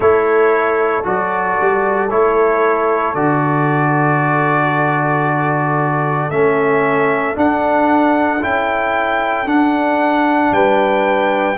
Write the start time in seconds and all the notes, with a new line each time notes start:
0.00 A3 E4 A4 C#5
1.03 F#3 F#4 D5
1.61 G3
2.10 A3 E4 C#5
3.14 D3 F#4 D5
6.30 A3 C#4 E5
7.34 D4 F#5
8.41 C#4 E4 G5
9.45 D4 F#5
10.51 G3 B4 G5